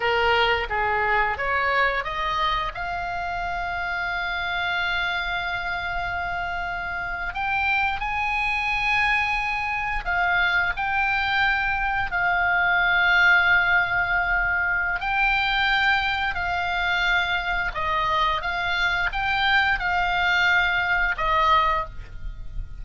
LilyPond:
\new Staff \with { instrumentName = "oboe" } { \time 4/4 \tempo 4 = 88 ais'4 gis'4 cis''4 dis''4 | f''1~ | f''2~ f''8. g''4 gis''16~ | gis''2~ gis''8. f''4 g''16~ |
g''4.~ g''16 f''2~ f''16~ | f''2 g''2 | f''2 dis''4 f''4 | g''4 f''2 dis''4 | }